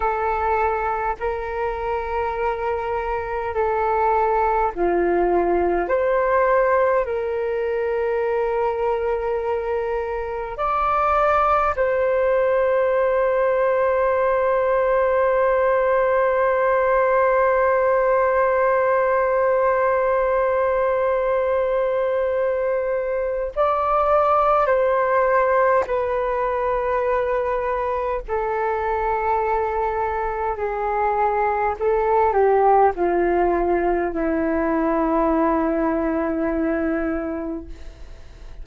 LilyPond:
\new Staff \with { instrumentName = "flute" } { \time 4/4 \tempo 4 = 51 a'4 ais'2 a'4 | f'4 c''4 ais'2~ | ais'4 d''4 c''2~ | c''1~ |
c''1 | d''4 c''4 b'2 | a'2 gis'4 a'8 g'8 | f'4 e'2. | }